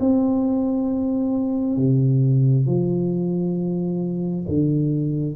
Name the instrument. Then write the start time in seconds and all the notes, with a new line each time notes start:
tuba
0.00 C4
1.77 C3
2.67 F3
4.48 D3